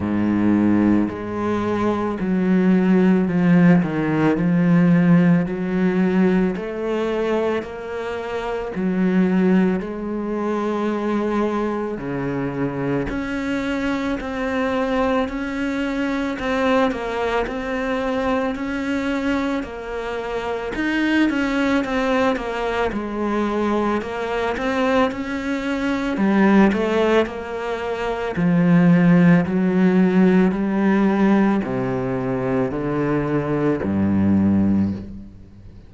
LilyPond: \new Staff \with { instrumentName = "cello" } { \time 4/4 \tempo 4 = 55 gis,4 gis4 fis4 f8 dis8 | f4 fis4 a4 ais4 | fis4 gis2 cis4 | cis'4 c'4 cis'4 c'8 ais8 |
c'4 cis'4 ais4 dis'8 cis'8 | c'8 ais8 gis4 ais8 c'8 cis'4 | g8 a8 ais4 f4 fis4 | g4 c4 d4 g,4 | }